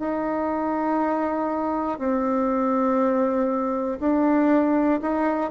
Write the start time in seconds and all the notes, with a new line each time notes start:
0.00 D#4
1.99 C4
4.01 D4
5.02 D#4